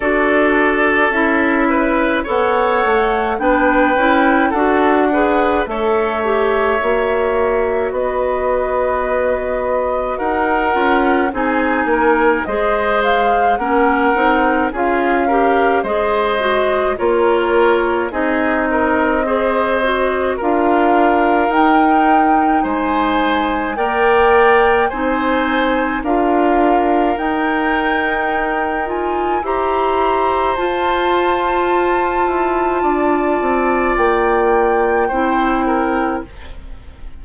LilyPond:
<<
  \new Staff \with { instrumentName = "flute" } { \time 4/4 \tempo 4 = 53 d''4 e''4 fis''4 g''4 | fis''4 e''2 dis''4~ | dis''4 fis''4 gis''4 dis''8 f''8 | fis''4 f''4 dis''4 cis''4 |
dis''2 f''4 g''4 | gis''4 g''4 gis''4 f''4 | g''4. gis''8 ais''4 a''4~ | a''2 g''2 | }
  \new Staff \with { instrumentName = "oboe" } { \time 4/4 a'4. b'8 cis''4 b'4 | a'8 b'8 cis''2 b'4~ | b'4 ais'4 gis'8 ais'8 c''4 | ais'4 gis'8 ais'8 c''4 ais'4 |
gis'8 ais'8 c''4 ais'2 | c''4 d''4 c''4 ais'4~ | ais'2 c''2~ | c''4 d''2 c''8 ais'8 | }
  \new Staff \with { instrumentName = "clarinet" } { \time 4/4 fis'4 e'4 a'4 d'8 e'8 | fis'8 gis'8 a'8 g'8 fis'2~ | fis'4. f'8 dis'4 gis'4 | cis'8 dis'8 f'8 g'8 gis'8 fis'8 f'4 |
dis'4 gis'8 fis'8 f'4 dis'4~ | dis'4 ais'4 dis'4 f'4 | dis'4. f'8 g'4 f'4~ | f'2. e'4 | }
  \new Staff \with { instrumentName = "bassoon" } { \time 4/4 d'4 cis'4 b8 a8 b8 cis'8 | d'4 a4 ais4 b4~ | b4 dis'8 cis'8 c'8 ais8 gis4 | ais8 c'8 cis'4 gis4 ais4 |
c'2 d'4 dis'4 | gis4 ais4 c'4 d'4 | dis'2 e'4 f'4~ | f'8 e'8 d'8 c'8 ais4 c'4 | }
>>